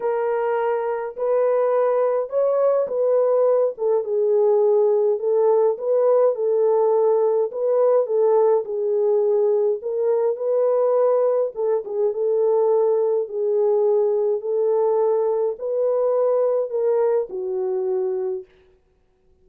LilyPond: \new Staff \with { instrumentName = "horn" } { \time 4/4 \tempo 4 = 104 ais'2 b'2 | cis''4 b'4. a'8 gis'4~ | gis'4 a'4 b'4 a'4~ | a'4 b'4 a'4 gis'4~ |
gis'4 ais'4 b'2 | a'8 gis'8 a'2 gis'4~ | gis'4 a'2 b'4~ | b'4 ais'4 fis'2 | }